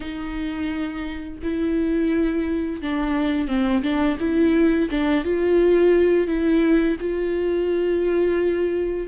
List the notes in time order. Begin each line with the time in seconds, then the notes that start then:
0.00 D#4
1.42 E4
2.82 D4
3.47 C4
3.82 D4
4.19 E4
4.90 D4
5.24 F4
6.27 E4
7.00 F4